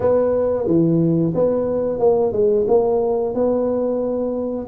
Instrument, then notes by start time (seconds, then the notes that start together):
tuba
0.00 B3
0.66 E3
1.34 B3
1.99 A#3
2.32 G#3
2.67 A#3
3.34 B3